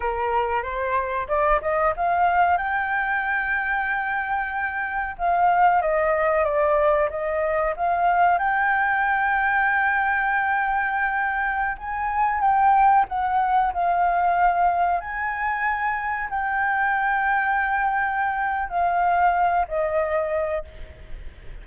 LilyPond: \new Staff \with { instrumentName = "flute" } { \time 4/4 \tempo 4 = 93 ais'4 c''4 d''8 dis''8 f''4 | g''1 | f''4 dis''4 d''4 dis''4 | f''4 g''2.~ |
g''2~ g''16 gis''4 g''8.~ | g''16 fis''4 f''2 gis''8.~ | gis''4~ gis''16 g''2~ g''8.~ | g''4 f''4. dis''4. | }